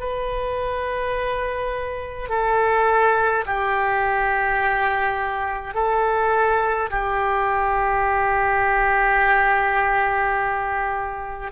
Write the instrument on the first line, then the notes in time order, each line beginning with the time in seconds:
oboe
0.00 B4
2.29 A4
3.46 G4
5.75 A4
6.90 G4